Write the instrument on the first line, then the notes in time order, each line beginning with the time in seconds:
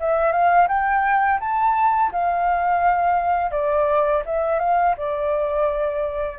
flute
0.00 E5
0.32 F5
0.68 G5
1.40 A5
2.12 F5
3.51 D5
4.26 E5
4.59 F5
4.97 D5